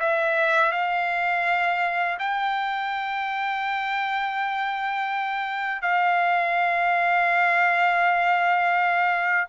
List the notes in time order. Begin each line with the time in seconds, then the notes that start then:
0.00 E5
0.72 F5
2.20 G5
5.82 F5